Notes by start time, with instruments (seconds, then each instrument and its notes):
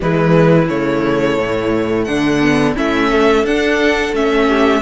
0.00 cello E3, viola G#3, violin E4 B4
0.68 cello C#3, viola A3, violin C#5
1.37 cello A2
2.04 cello D3, violin D4 F#5
2.41 viola B3
2.75 cello A3, viola C#4, violin E4 E5
3.11 violin A4
3.43 cello D4, viola D4, violin F#5
4.12 cello A3, viola C#4, violin E5
4.47 violin G4